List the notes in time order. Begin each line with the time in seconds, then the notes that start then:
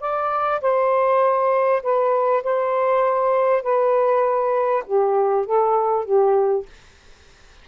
0.00 D5
0.61 C5
1.82 B4
2.43 C5
3.63 B4
4.86 G4
5.45 A4
6.05 G4